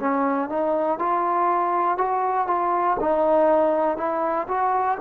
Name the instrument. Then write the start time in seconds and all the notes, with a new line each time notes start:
trombone
0.00 C#4
0.50 D#4
0.99 F4
1.98 F#4
2.47 F4
3.00 D#4
3.97 E4
4.48 F#4